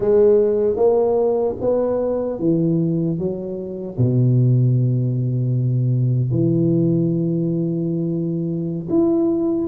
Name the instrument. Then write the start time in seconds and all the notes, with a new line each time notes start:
tuba
0.00 G#3
0.76 A#3
1.60 B3
2.39 E3
3.18 F#3
3.97 B2
6.31 E3
8.89 E4